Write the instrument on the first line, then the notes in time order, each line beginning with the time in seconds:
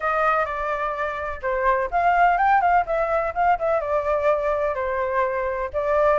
flute
0.00 D#5
0.45 D5
1.42 C5
1.90 F5
2.37 G5
2.61 F5
2.86 E5
3.34 F5
3.58 E5
3.80 D5
4.74 C5
5.73 D5